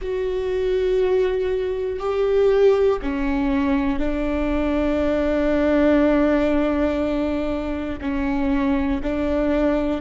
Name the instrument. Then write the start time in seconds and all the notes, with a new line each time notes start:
viola
0.01 F#4
2.00 G4
3.01 C#4
3.99 D4
8.01 C#4
9.02 D4